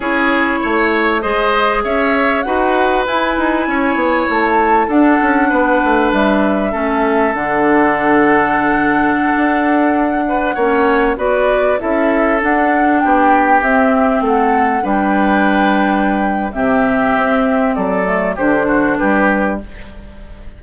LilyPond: <<
  \new Staff \with { instrumentName = "flute" } { \time 4/4 \tempo 4 = 98 cis''2 dis''4 e''4 | fis''4 gis''2 a''4 | fis''2 e''2 | fis''1~ |
fis''2~ fis''16 d''4 e''8.~ | e''16 fis''4 g''4 e''4 fis''8.~ | fis''16 g''2~ g''8. e''4~ | e''4 d''4 c''4 b'4 | }
  \new Staff \with { instrumentName = "oboe" } { \time 4/4 gis'4 cis''4 c''4 cis''4 | b'2 cis''2 | a'4 b'2 a'4~ | a'1~ |
a'8. b'8 cis''4 b'4 a'8.~ | a'4~ a'16 g'2 a'8.~ | a'16 b'2~ b'8. g'4~ | g'4 a'4 g'8 fis'8 g'4 | }
  \new Staff \with { instrumentName = "clarinet" } { \time 4/4 e'2 gis'2 | fis'4 e'2. | d'2. cis'4 | d'1~ |
d'4~ d'16 cis'4 fis'4 e'8.~ | e'16 d'2 c'4.~ c'16~ | c'16 d'2~ d'8. c'4~ | c'4. a8 d'2 | }
  \new Staff \with { instrumentName = "bassoon" } { \time 4/4 cis'4 a4 gis4 cis'4 | dis'4 e'8 dis'8 cis'8 b8 a4 | d'8 cis'8 b8 a8 g4 a4 | d2.~ d16 d'8.~ |
d'4~ d'16 ais4 b4 cis'8.~ | cis'16 d'4 b4 c'4 a8.~ | a16 g2~ g8. c4 | c'4 fis4 d4 g4 | }
>>